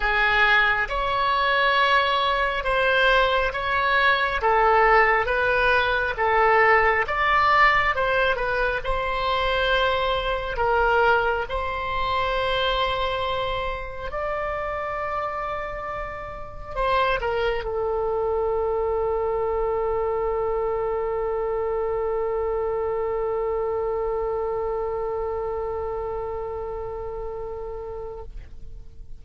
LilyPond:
\new Staff \with { instrumentName = "oboe" } { \time 4/4 \tempo 4 = 68 gis'4 cis''2 c''4 | cis''4 a'4 b'4 a'4 | d''4 c''8 b'8 c''2 | ais'4 c''2. |
d''2. c''8 ais'8 | a'1~ | a'1~ | a'1 | }